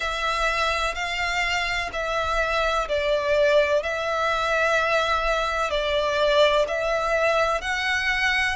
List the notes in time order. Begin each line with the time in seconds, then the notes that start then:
0.00 E5
0.94 F5
1.93 E5
2.88 D5
3.83 E5
5.70 D5
6.67 E5
7.61 F#5